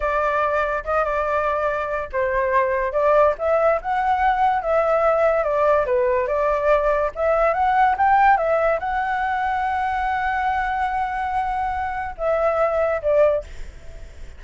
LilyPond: \new Staff \with { instrumentName = "flute" } { \time 4/4 \tempo 4 = 143 d''2 dis''8 d''4.~ | d''4 c''2 d''4 | e''4 fis''2 e''4~ | e''4 d''4 b'4 d''4~ |
d''4 e''4 fis''4 g''4 | e''4 fis''2.~ | fis''1~ | fis''4 e''2 d''4 | }